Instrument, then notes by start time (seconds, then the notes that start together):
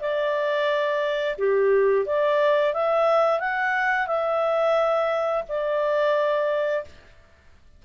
clarinet
0.00 D5
1.38 G4
2.06 D5
2.73 E5
3.39 F#5
4.07 E5
5.48 D5